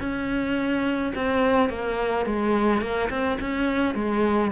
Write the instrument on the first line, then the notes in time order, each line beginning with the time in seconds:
cello
0.00 C#4
1.15 C4
1.70 A#3
2.26 G#3
2.81 A#3
3.10 C4
3.41 C#4
3.95 G#3